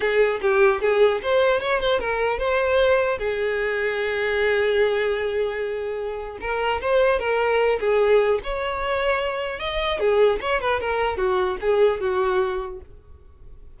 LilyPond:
\new Staff \with { instrumentName = "violin" } { \time 4/4 \tempo 4 = 150 gis'4 g'4 gis'4 c''4 | cis''8 c''8 ais'4 c''2 | gis'1~ | gis'1 |
ais'4 c''4 ais'4. gis'8~ | gis'4 cis''2. | dis''4 gis'4 cis''8 b'8 ais'4 | fis'4 gis'4 fis'2 | }